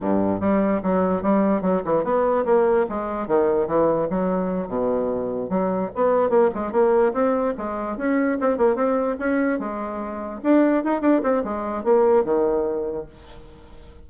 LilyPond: \new Staff \with { instrumentName = "bassoon" } { \time 4/4 \tempo 4 = 147 g,4 g4 fis4 g4 | fis8 e8 b4 ais4 gis4 | dis4 e4 fis4. b,8~ | b,4. fis4 b4 ais8 |
gis8 ais4 c'4 gis4 cis'8~ | cis'8 c'8 ais8 c'4 cis'4 gis8~ | gis4. d'4 dis'8 d'8 c'8 | gis4 ais4 dis2 | }